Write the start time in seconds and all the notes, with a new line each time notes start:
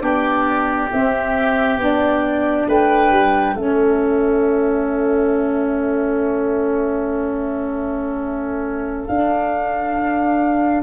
0.00 B3 D4 G4 D5
0.92 C4 E5
1.78 B3 D4 D5
2.68 A3 B4 G5
3.10 G3
3.55 A3 C#4 A4 E5
9.06 D4 F5